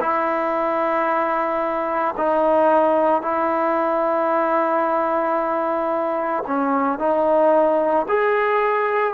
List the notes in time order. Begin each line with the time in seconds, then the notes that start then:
0.00 E4
2.17 D#4
3.22 E4
6.46 C#4
6.98 D#4
8.08 G#4